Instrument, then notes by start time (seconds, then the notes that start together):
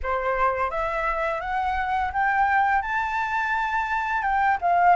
flute
0.03 C5
0.70 E5
1.41 F#5
2.12 G5
2.82 A5
4.22 G5
4.61 F5